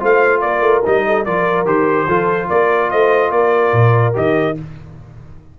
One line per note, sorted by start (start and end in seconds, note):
0.00 0.44 A3
0.00 0.83 F4
0.00 0.42 C5
0.00 0.41 F5
0.41 0.62 A#3
0.41 1.06 A#4
0.41 0.82 D5
0.62 0.82 A3
0.85 1.27 G3
0.85 1.26 D#4
0.85 1.25 D#5
1.07 1.26 A4
1.25 1.65 F3
1.25 1.66 F4
1.25 2.07 A#4
1.25 1.66 D5
1.65 2.07 D#3
1.65 2.07 G4
1.65 2.49 C5
2.07 2.49 F3
2.07 4.14 F4
2.07 2.48 A4
2.49 2.92 A#3
2.49 2.90 A#4
2.49 2.91 D5
2.91 3.31 A3
2.91 3.33 C5
2.91 3.31 D#5
3.31 3.72 A#3
3.31 4.59 A#4
3.31 4.14 D5
3.72 4.14 A#2
4.14 4.58 D#3
4.14 4.55 G4
4.14 4.58 D#5